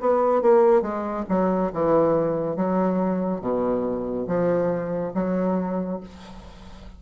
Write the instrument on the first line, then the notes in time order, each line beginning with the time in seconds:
bassoon
0.00 B3
0.41 A#3
0.81 G#3
1.29 F#3
1.73 E3
2.56 F#3
3.41 B2
4.27 F3
5.14 F#3